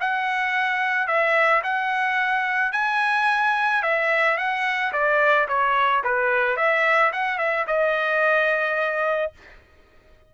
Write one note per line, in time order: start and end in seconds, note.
0.00 1.07 F#5
1.07 1.62 E5
1.63 2.72 F#5
2.72 3.82 G#5
3.82 4.37 E5
4.37 4.92 F#5
4.92 5.47 D5
5.48 6.03 C#5
6.04 6.57 B4
6.57 7.12 E5
7.12 7.38 F#5
7.38 7.66 E5
7.67 9.32 D#5